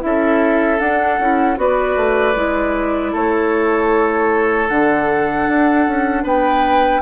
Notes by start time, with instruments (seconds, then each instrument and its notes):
0.00 bassoon C#4, clarinet E4, flute E5
0.06 oboe A4
0.80 bassoon D4, clarinet D4, flute F#5
1.19 bassoon C#4, clarinet E4
1.56 bassoon B3, clarinet F#4, oboe B4, flute D5
1.97 bassoon A3
2.36 bassoon G#3, clarinet E4
3.13 bassoon A3, oboe A4, flute C#5
4.69 bassoon D3, clarinet D4, flute F#5
5.48 bassoon D4
5.87 bassoon C#4
6.24 bassoon B3, oboe B4, flute G5